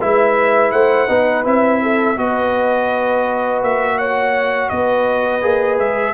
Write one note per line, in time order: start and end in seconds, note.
0.00 0.72 G#3
0.00 1.08 E4
0.00 0.72 B4
0.00 0.71 E5
0.71 1.08 A3
0.71 1.07 C5
0.71 1.43 F#5
1.07 1.45 B3
1.07 1.44 D#4
1.07 1.80 B4
1.44 2.17 C4
1.44 2.16 E4
1.44 2.18 E5
1.82 2.18 A4
2.16 3.62 B3
2.16 5.41 F#4
2.16 3.97 B4
2.16 3.62 D#5
3.62 4.70 A#3
3.62 3.98 E5
3.97 4.69 C#5
3.97 4.69 F#5
4.69 5.43 B3
4.69 6.14 B4
4.69 5.77 D#5
5.41 5.79 A#3
5.41 6.13 G#4
5.78 6.14 G#3
5.78 6.14 E5